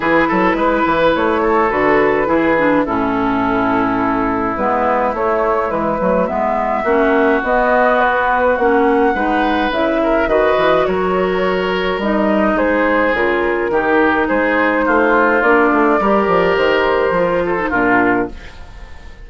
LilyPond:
<<
  \new Staff \with { instrumentName = "flute" } { \time 4/4 \tempo 4 = 105 b'2 cis''4 b'4~ | b'4 a'2. | b'4 cis''4 b'4 e''4~ | e''4 dis''4 b'4 fis''4~ |
fis''4 e''4 dis''4 cis''4~ | cis''4 dis''4 c''4 ais'4~ | ais'4 c''2 d''4~ | d''4 c''2 ais'4 | }
  \new Staff \with { instrumentName = "oboe" } { \time 4/4 gis'8 a'8 b'4. a'4. | gis'4 e'2.~ | e'1 | fis'1 |
b'4. ais'8 b'4 ais'4~ | ais'2 gis'2 | g'4 gis'4 f'2 | ais'2~ ais'8 a'8 f'4 | }
  \new Staff \with { instrumentName = "clarinet" } { \time 4/4 e'2. fis'4 | e'8 d'8 cis'2. | b4 a4 gis8 a8 b4 | cis'4 b2 cis'4 |
dis'4 e'4 fis'2~ | fis'4 dis'2 f'4 | dis'2. d'4 | g'2 f'8. dis'16 d'4 | }
  \new Staff \with { instrumentName = "bassoon" } { \time 4/4 e8 fis8 gis8 e8 a4 d4 | e4 a,2. | gis4 a4 e8 fis8 gis4 | ais4 b2 ais4 |
gis4 cis4 dis8 e8 fis4~ | fis4 g4 gis4 cis4 | dis4 gis4 a4 ais8 a8 | g8 f8 dis4 f4 ais,4 | }
>>